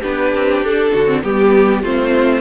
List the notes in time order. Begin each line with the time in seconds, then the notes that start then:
0.00 B3 D4 G4 B4
0.34 C4
0.62 D4 A4
0.91 D3 F#4
1.06 C4
1.22 G3 B3 G4
1.82 A3 C4 F4 C5